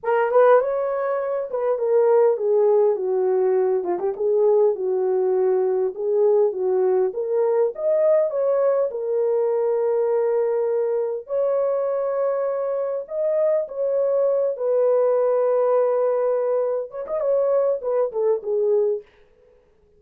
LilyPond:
\new Staff \with { instrumentName = "horn" } { \time 4/4 \tempo 4 = 101 ais'8 b'8 cis''4. b'8 ais'4 | gis'4 fis'4. f'16 g'16 gis'4 | fis'2 gis'4 fis'4 | ais'4 dis''4 cis''4 ais'4~ |
ais'2. cis''4~ | cis''2 dis''4 cis''4~ | cis''8 b'2.~ b'8~ | b'8 cis''16 dis''16 cis''4 b'8 a'8 gis'4 | }